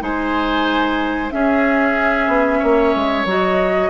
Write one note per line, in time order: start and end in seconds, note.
0.00 1.32 G#3
0.00 1.30 D#4
0.00 1.33 C5
0.00 1.30 G#5
1.30 3.26 C#4
1.30 2.27 C#4
1.30 2.59 G#4
1.30 3.26 E5
2.27 2.60 B3
2.59 2.95 A#3
2.59 3.89 C#5
2.95 3.25 G#3
3.25 3.90 F#3
3.25 3.90 F#4
3.25 3.90 D#5